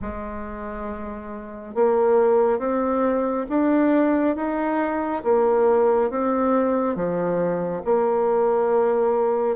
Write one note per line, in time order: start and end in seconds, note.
0.01 1.74 G#3
1.74 2.58 A#3
2.58 3.45 C4
3.49 4.36 D4
4.36 5.23 D#4
5.23 6.10 A#3
6.10 6.95 C4
6.95 7.82 F3
7.84 9.56 A#3